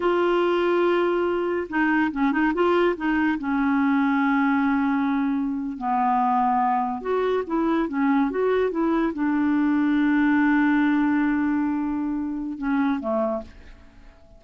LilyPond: \new Staff \with { instrumentName = "clarinet" } { \time 4/4 \tempo 4 = 143 f'1 | dis'4 cis'8 dis'8 f'4 dis'4 | cis'1~ | cis'4.~ cis'16 b2~ b16~ |
b8. fis'4 e'4 cis'4 fis'16~ | fis'8. e'4 d'2~ d'16~ | d'1~ | d'2 cis'4 a4 | }